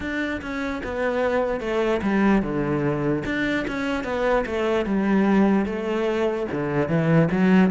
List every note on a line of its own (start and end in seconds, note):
0.00 0.41 D4
0.41 0.82 C#4
0.83 1.60 B3
1.60 2.00 A3
2.02 2.42 G3
2.42 3.23 D3
3.25 3.66 D4
3.67 4.04 C#4
4.04 4.44 B3
4.46 4.85 A3
4.85 5.65 G3
5.65 6.46 A3
6.51 6.88 D3
6.88 7.28 E3
7.31 7.70 F#3